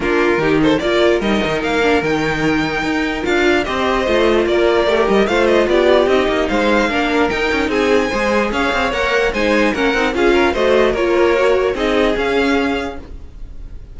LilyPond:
<<
  \new Staff \with { instrumentName = "violin" } { \time 4/4 \tempo 4 = 148 ais'4. c''8 d''4 dis''4 | f''4 g''2. | f''4 dis''2 d''4~ | d''8 dis''8 f''8 dis''8 d''4 dis''4 |
f''2 g''4 gis''4~ | gis''4 f''4 fis''4 gis''4 | fis''4 f''4 dis''4 cis''4~ | cis''4 dis''4 f''2 | }
  \new Staff \with { instrumentName = "violin" } { \time 4/4 f'4 g'8 a'8 ais'2~ | ais'1~ | ais'4 c''2 ais'4~ | ais'4 c''4 g'2 |
c''4 ais'2 gis'4 | c''4 cis''2 c''4 | ais'4 gis'8 ais'8 c''4 ais'4~ | ais'4 gis'2. | }
  \new Staff \with { instrumentName = "viola" } { \time 4/4 d'4 dis'4 f'4 dis'4~ | dis'8 d'8 dis'2. | f'4 g'4 f'2 | g'4 f'2 dis'4~ |
dis'4 d'4 dis'2 | gis'2 ais'4 dis'4 | cis'8 dis'8 f'4 fis'4 f'4 | fis'4 dis'4 cis'2 | }
  \new Staff \with { instrumentName = "cello" } { \time 4/4 ais4 dis4 ais4 g8 dis8 | ais4 dis2 dis'4 | d'4 c'4 a4 ais4 | a8 g8 a4 b4 c'8 ais8 |
gis4 ais4 dis'8 cis'8 c'4 | gis4 cis'8 c'8 ais4 gis4 | ais8 c'8 cis'4 a4 ais4~ | ais4 c'4 cis'2 | }
>>